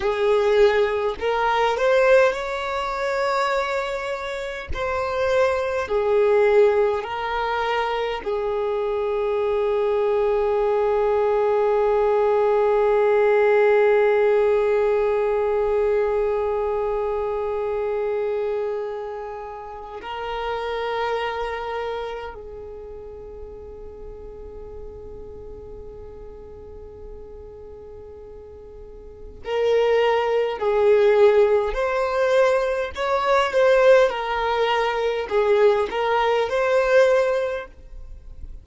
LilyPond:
\new Staff \with { instrumentName = "violin" } { \time 4/4 \tempo 4 = 51 gis'4 ais'8 c''8 cis''2 | c''4 gis'4 ais'4 gis'4~ | gis'1~ | gis'1~ |
gis'4 ais'2 gis'4~ | gis'1~ | gis'4 ais'4 gis'4 c''4 | cis''8 c''8 ais'4 gis'8 ais'8 c''4 | }